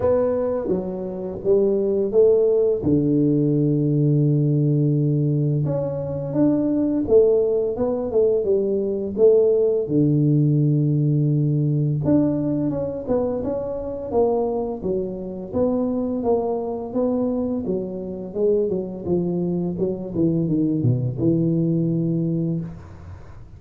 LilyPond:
\new Staff \with { instrumentName = "tuba" } { \time 4/4 \tempo 4 = 85 b4 fis4 g4 a4 | d1 | cis'4 d'4 a4 b8 a8 | g4 a4 d2~ |
d4 d'4 cis'8 b8 cis'4 | ais4 fis4 b4 ais4 | b4 fis4 gis8 fis8 f4 | fis8 e8 dis8 b,8 e2 | }